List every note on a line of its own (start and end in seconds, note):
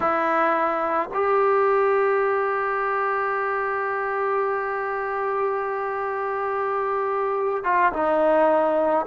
0.00 1.09 E4
1.13 7.64 G4
7.64 7.92 F4
7.92 9.05 D#4